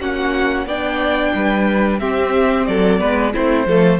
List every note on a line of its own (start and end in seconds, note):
0.00 0.66 A#3
0.00 0.67 C#4
0.00 0.67 F#4
0.00 0.67 F#5
0.66 1.32 B3
0.66 2.00 D4
0.66 1.33 D5
0.66 1.99 G5
1.34 2.01 G3
1.34 2.00 B4
1.99 2.99 C4
1.99 2.67 C4
1.99 2.67 G4
1.99 2.66 E5
2.66 3.01 F#3
2.66 3.00 A4
2.66 3.32 D5
2.99 3.34 G#3
2.99 3.32 B3
2.99 3.33 B4
3.33 3.66 A3
3.33 3.67 C4
3.33 3.67 E4
3.33 4.00 C5
3.66 3.99 F3
3.66 4.00 A3
3.66 4.00 A4